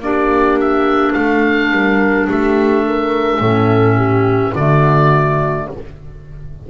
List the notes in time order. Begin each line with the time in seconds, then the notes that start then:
0.00 A#3 D4 G4 D5
0.61 E5
1.13 A3 A4 F5
1.72 G3 A#4
2.29 A3 G4 E5
2.87 A#4
3.40 A2 C#4 A4
3.97 G4
4.55 D3 A3 F#4 D5